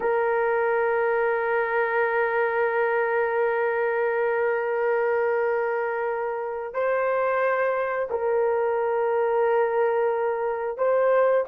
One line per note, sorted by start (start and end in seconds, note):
0.00 6.73 A#4
6.73 8.08 C5
8.09 10.77 A#4
10.77 11.45 C5